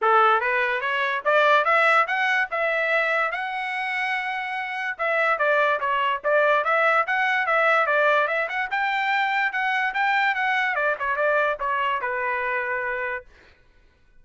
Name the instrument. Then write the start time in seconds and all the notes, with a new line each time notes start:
trumpet
0.01 A4
0.40 B4
0.81 C#5
1.25 D5
1.65 E5
2.07 F#5
2.51 E5
3.31 F#5
4.97 E5
5.38 D5
5.79 C#5
6.24 D5
6.64 E5
7.06 F#5
7.46 E5
7.86 D5
8.27 E5
8.48 F#5
8.70 G5
9.52 F#5
9.93 G5
10.34 F#5
10.75 D5
10.99 C#5
11.16 D5
11.59 C#5
12.01 B4